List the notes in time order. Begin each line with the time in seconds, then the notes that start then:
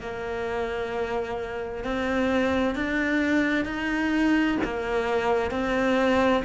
0.00 A#3
1.84 C4
2.75 D4
3.65 D#4
4.64 A#3
5.51 C4